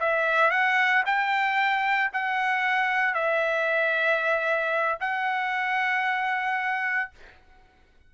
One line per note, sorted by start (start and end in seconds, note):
0.00 0.51 E5
0.51 1.04 F#5
1.06 2.11 G5
2.13 3.15 F#5
3.15 4.99 E5
5.00 7.11 F#5